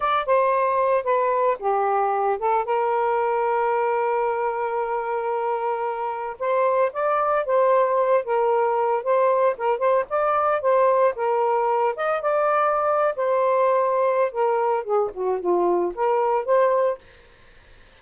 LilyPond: \new Staff \with { instrumentName = "saxophone" } { \time 4/4 \tempo 4 = 113 d''8 c''4. b'4 g'4~ | g'8 a'8 ais'2.~ | ais'1 | c''4 d''4 c''4. ais'8~ |
ais'4 c''4 ais'8 c''8 d''4 | c''4 ais'4. dis''8 d''4~ | d''8. c''2~ c''16 ais'4 | gis'8 fis'8 f'4 ais'4 c''4 | }